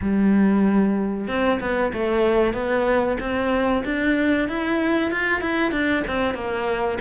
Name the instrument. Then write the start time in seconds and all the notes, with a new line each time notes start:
cello
0.01 G3
1.27 C4
1.60 B3
1.93 A3
2.53 B3
3.19 C4
3.84 D4
4.48 E4
5.11 F4
5.41 E4
5.71 D4
6.07 C4
6.34 A#3